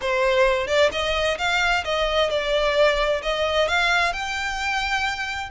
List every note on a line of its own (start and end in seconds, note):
0.01 0.67 C5
0.67 0.90 D5
0.91 1.37 D#5
1.38 1.83 F5
1.84 2.30 D#5
2.30 3.21 D5
3.22 3.68 D#5
3.68 4.12 F5
4.12 5.50 G5